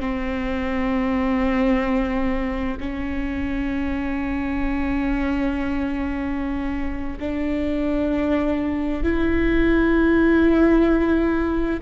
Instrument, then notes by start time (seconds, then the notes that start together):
viola
0.00 C4
2.79 C#4
7.20 D4
9.03 E4